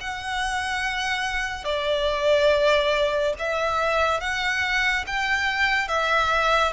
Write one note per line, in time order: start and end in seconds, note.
0.00 1.64 F#5
1.64 3.33 D5
3.38 4.20 E5
4.20 5.04 F#5
5.07 5.88 G5
5.88 6.72 E5